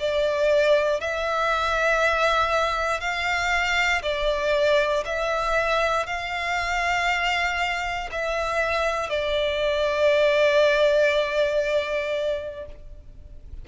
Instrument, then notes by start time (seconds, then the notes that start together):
violin
0.00 D5
1.00 E5
3.00 F5
4.03 D5
5.05 E5
6.06 F5
8.12 E5
9.10 D5